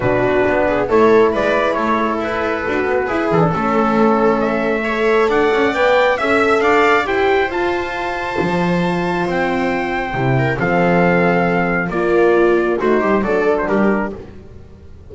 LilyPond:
<<
  \new Staff \with { instrumentName = "trumpet" } { \time 4/4 \tempo 4 = 136 b'2 cis''4 d''4 | cis''4 b'2~ b'8 a'8~ | a'2 e''2 | fis''4 g''4 e''4 f''4 |
g''4 a''2.~ | a''4 g''2. | f''2. d''4~ | d''4 c''4 d''8. c''16 ais'4 | }
  \new Staff \with { instrumentName = "viola" } { \time 4/4 fis'4. gis'8 a'4 b'4 | a'2. gis'4 | a'2. cis''4 | d''2 e''4 d''4 |
c''1~ | c''2.~ c''8 ais'8 | a'2. f'4~ | f'4 fis'8 g'8 a'4 g'4 | }
  \new Staff \with { instrumentName = "horn" } { \time 4/4 d'2 e'2~ | e'2 fis'4 e'8. d'16 | cis'2. a'4~ | a'4 b'4 a'2 |
g'4 f'2.~ | f'2. e'4 | c'2. ais4~ | ais4 dis'4 d'2 | }
  \new Staff \with { instrumentName = "double bass" } { \time 4/4 b,4 b4 a4 gis4 | a4 e'4 d'8 b8 e'8 e8 | a1 | d'8 cis'8 b4 cis'4 d'4 |
e'4 f'2 f4~ | f4 c'2 c4 | f2. ais4~ | ais4 a8 g8 fis4 g4 | }
>>